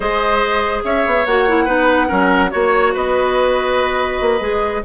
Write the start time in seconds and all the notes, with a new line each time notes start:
0.00 G#3 G#4 C5 D#5
0.84 C#4 C#5 E5
1.06 B3
1.25 A#3 F#4 F#5
1.47 E4
1.64 B3 D#4 B4
2.07 F#3 C#4 A#4
2.50 A#3 F#4 C#5
2.93 B3 B4 D#5
4.20 A#3
4.40 G#3 G#4